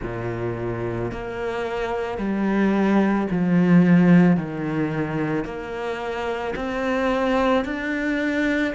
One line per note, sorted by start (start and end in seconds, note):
0.02 1.11 A#2
1.11 2.18 A#3
2.18 3.27 G3
3.30 4.36 F3
4.36 5.44 D#3
5.44 6.54 A#3
6.55 7.64 C4
7.64 8.73 D4